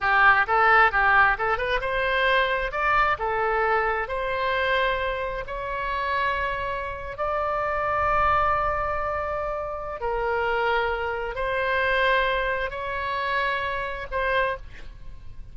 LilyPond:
\new Staff \with { instrumentName = "oboe" } { \time 4/4 \tempo 4 = 132 g'4 a'4 g'4 a'8 b'8 | c''2 d''4 a'4~ | a'4 c''2. | cis''2.~ cis''8. d''16~ |
d''1~ | d''2 ais'2~ | ais'4 c''2. | cis''2. c''4 | }